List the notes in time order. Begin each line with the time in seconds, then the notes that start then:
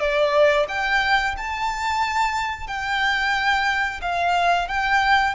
0.00 D5
0.68 G5
1.37 A5
2.67 G5
4.02 F5
4.68 G5